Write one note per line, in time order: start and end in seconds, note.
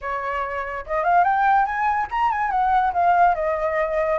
0.01 0.85 C#5
0.86 1.03 D#5
1.03 1.23 F5
1.23 1.65 G5
1.65 2.07 G#5
2.10 2.31 A#5
2.31 2.50 G#5
2.50 2.92 F#5
2.93 3.35 F5
3.35 4.18 D#5